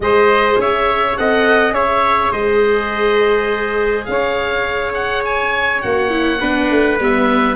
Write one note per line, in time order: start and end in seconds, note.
0.00 0.57 G#3
0.00 1.17 G#4
0.00 0.60 C5
0.00 0.60 D#5
0.57 1.15 C#4
0.57 1.19 C#5
0.57 1.17 E5
1.17 1.71 C4
1.17 1.72 A4
1.17 1.74 D#5
1.17 1.74 F#5
1.71 2.29 C#4
1.71 5.80 G#4
1.71 2.31 C#5
1.71 2.32 E5
2.31 4.06 G#3
2.31 4.06 C5
2.31 4.05 D#5
4.05 5.82 C#4
4.05 6.40 C#5
4.05 4.92 F5
4.93 5.23 F#5
5.25 5.81 G#5
5.81 6.41 A#3
5.81 6.09 F#4
5.81 6.98 F#5
6.09 6.38 E4
6.40 6.70 B3
6.40 6.98 D4
6.40 7.55 B4
6.70 6.99 A3
6.99 7.55 G3
6.99 7.55 B3
6.99 7.55 E5